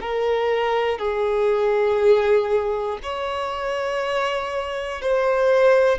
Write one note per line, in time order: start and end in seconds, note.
0.00 0.98 A#4
0.98 2.98 G#4
3.03 5.01 C#5
5.01 5.98 C5